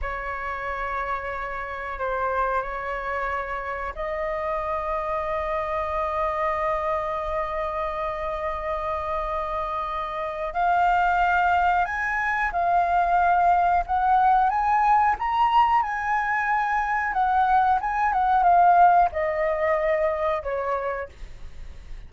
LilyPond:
\new Staff \with { instrumentName = "flute" } { \time 4/4 \tempo 4 = 91 cis''2. c''4 | cis''2 dis''2~ | dis''1~ | dis''1 |
f''2 gis''4 f''4~ | f''4 fis''4 gis''4 ais''4 | gis''2 fis''4 gis''8 fis''8 | f''4 dis''2 cis''4 | }